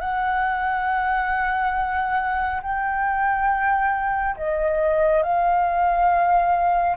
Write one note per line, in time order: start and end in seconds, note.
0.00 2.61 F#5
2.62 4.36 G5
4.37 5.23 D#5
5.23 6.96 F5